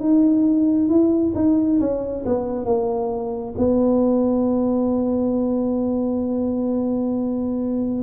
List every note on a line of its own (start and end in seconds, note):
0.00 0.89 D#4
0.89 1.34 E4
1.35 1.80 D#4
1.80 2.25 C#4
2.26 2.65 B3
2.65 3.55 A#3
3.58 8.04 B3